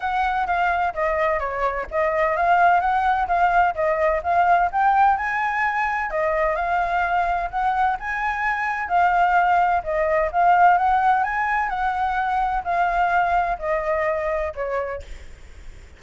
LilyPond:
\new Staff \with { instrumentName = "flute" } { \time 4/4 \tempo 4 = 128 fis''4 f''4 dis''4 cis''4 | dis''4 f''4 fis''4 f''4 | dis''4 f''4 g''4 gis''4~ | gis''4 dis''4 f''2 |
fis''4 gis''2 f''4~ | f''4 dis''4 f''4 fis''4 | gis''4 fis''2 f''4~ | f''4 dis''2 cis''4 | }